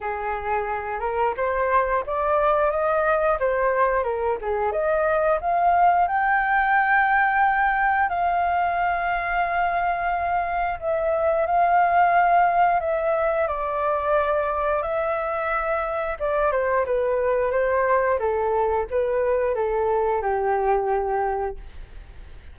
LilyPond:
\new Staff \with { instrumentName = "flute" } { \time 4/4 \tempo 4 = 89 gis'4. ais'8 c''4 d''4 | dis''4 c''4 ais'8 gis'8 dis''4 | f''4 g''2. | f''1 |
e''4 f''2 e''4 | d''2 e''2 | d''8 c''8 b'4 c''4 a'4 | b'4 a'4 g'2 | }